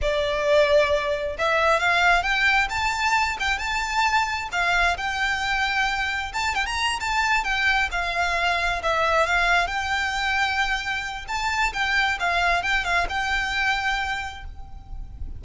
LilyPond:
\new Staff \with { instrumentName = "violin" } { \time 4/4 \tempo 4 = 133 d''2. e''4 | f''4 g''4 a''4. g''8 | a''2 f''4 g''4~ | g''2 a''8 g''16 ais''8. a''8~ |
a''8 g''4 f''2 e''8~ | e''8 f''4 g''2~ g''8~ | g''4 a''4 g''4 f''4 | g''8 f''8 g''2. | }